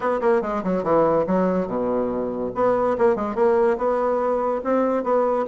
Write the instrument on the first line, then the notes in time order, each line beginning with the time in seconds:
bassoon
0.00 B3
0.20 A#3
0.41 G#3
0.63 F#3
0.83 E3
1.26 F#3
1.67 B2
2.54 B3
2.98 A#3
3.15 G#3
3.35 A#3
3.77 B3
4.64 C4
5.03 B3